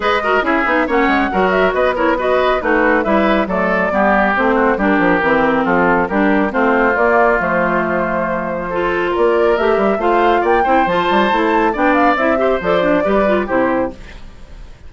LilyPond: <<
  \new Staff \with { instrumentName = "flute" } { \time 4/4 \tempo 4 = 138 dis''4 e''4 fis''4. e''8 | dis''8 cis''8 dis''4 b'4 e''4 | d''2 c''4 ais'4~ | ais'4 a'4 ais'4 c''4 |
d''4 c''2.~ | c''4 d''4 e''4 f''4 | g''4 a''2 g''8 f''8 | e''4 d''2 c''4 | }
  \new Staff \with { instrumentName = "oboe" } { \time 4/4 b'8 ais'8 gis'4 cis''4 ais'4 | b'8 ais'8 b'4 fis'4 b'4 | a'4 g'4. fis'8 g'4~ | g'4 f'4 g'4 f'4~ |
f'1 | a'4 ais'2 c''4 | d''8 c''2~ c''8 d''4~ | d''8 c''4. b'4 g'4 | }
  \new Staff \with { instrumentName = "clarinet" } { \time 4/4 gis'8 fis'8 e'8 dis'8 cis'4 fis'4~ | fis'8 e'8 fis'4 dis'4 e'4 | a4 b4 c'4 d'4 | c'2 d'4 c'4 |
ais4 a2. | f'2 g'4 f'4~ | f'8 e'8 f'4 e'4 d'4 | e'8 g'8 a'8 d'8 g'8 f'8 e'4 | }
  \new Staff \with { instrumentName = "bassoon" } { \time 4/4 gis4 cis'8 b8 ais8 gis8 fis4 | b2 a4 g4 | fis4 g4 a4 g8 f8 | e4 f4 g4 a4 |
ais4 f2.~ | f4 ais4 a8 g8 a4 | ais8 c'8 f8 g8 a4 b4 | c'4 f4 g4 c4 | }
>>